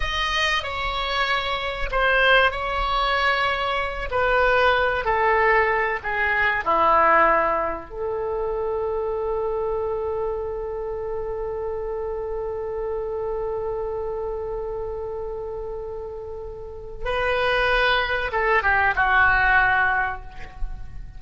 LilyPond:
\new Staff \with { instrumentName = "oboe" } { \time 4/4 \tempo 4 = 95 dis''4 cis''2 c''4 | cis''2~ cis''8 b'4. | a'4. gis'4 e'4.~ | e'8 a'2.~ a'8~ |
a'1~ | a'1~ | a'2. b'4~ | b'4 a'8 g'8 fis'2 | }